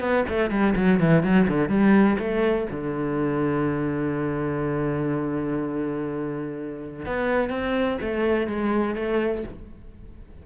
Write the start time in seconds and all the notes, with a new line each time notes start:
0.00 B3
0.29 A3
0.50 G3
0.75 F#3
1.00 E3
1.23 F#3
1.48 D3
1.69 G3
2.19 A3
2.71 D3
7.06 B3
7.50 C4
8.01 A3
8.47 G#3
8.95 A3